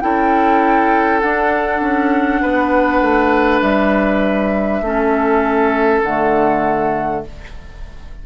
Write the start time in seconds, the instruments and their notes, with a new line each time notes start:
0.00 bassoon C#4, clarinet E4, oboe A4, flute G5
1.20 bassoon D4, clarinet D4, flute F#5
1.80 bassoon C#4
2.41 bassoon B3, oboe B4
3.01 bassoon A3
3.61 bassoon G3, flute E5
4.81 bassoon A3, clarinet C#4, oboe A4
6.03 bassoon D3, clarinet A3, flute F#5